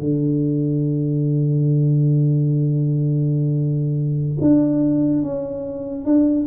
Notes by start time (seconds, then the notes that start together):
0.00 D3
4.41 D4
5.23 C#4
6.05 D4